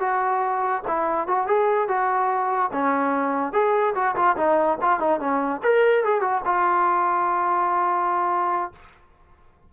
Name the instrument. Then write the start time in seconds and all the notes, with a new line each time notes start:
trombone
0.00 F#4
0.87 E4
1.28 F#4
1.47 G#4
1.88 F#4
2.73 C#4
3.53 G#4
3.95 F#4
4.16 F4
4.37 D#4
4.82 F4
5.00 D#4
5.20 C#4
5.63 A#4
6.05 G#4
6.21 F#4
6.45 F4